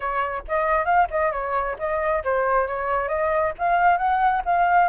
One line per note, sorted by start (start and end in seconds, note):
0.00 0.42 C#5
0.48 0.85 D#5
0.85 1.07 F5
1.10 1.32 D#5
1.32 1.76 C#5
1.78 2.23 D#5
2.23 2.67 C5
2.67 3.08 C#5
3.08 3.53 D#5
3.58 3.97 F5
3.97 4.42 F#5
4.45 4.88 F5